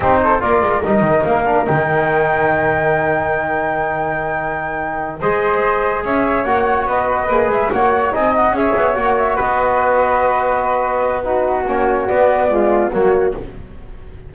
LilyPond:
<<
  \new Staff \with { instrumentName = "flute" } { \time 4/4 \tempo 4 = 144 c''4 d''4 dis''4 f''4 | g''1~ | g''1~ | g''8 dis''2 e''4 fis''8~ |
fis''8 dis''4. e''8 fis''4 gis''8 | fis''8 e''4 fis''8 e''8 dis''4.~ | dis''2. b'4 | cis''4 d''2 cis''4 | }
  \new Staff \with { instrumentName = "flute" } { \time 4/4 g'8 a'8 ais'2.~ | ais'1~ | ais'1~ | ais'8 c''2 cis''4.~ |
cis''8 b'2 cis''4 dis''8~ | dis''8 cis''2 b'4.~ | b'2. fis'4~ | fis'2 f'4 fis'4 | }
  \new Staff \with { instrumentName = "trombone" } { \time 4/4 dis'4 f'4 dis'4. d'8 | dis'1~ | dis'1~ | dis'8 gis'2. fis'8~ |
fis'4. gis'4 fis'4 dis'8~ | dis'8 gis'4 fis'2~ fis'8~ | fis'2. dis'4 | cis'4 b4 gis4 ais4 | }
  \new Staff \with { instrumentName = "double bass" } { \time 4/4 c'4 ais8 gis8 g8 dis8 ais4 | dis1~ | dis1~ | dis8 gis2 cis'4 ais8~ |
ais8 b4 ais8 gis8 ais4 c'8~ | c'8 cis'8 b8 ais4 b4.~ | b1 | ais4 b2 fis4 | }
>>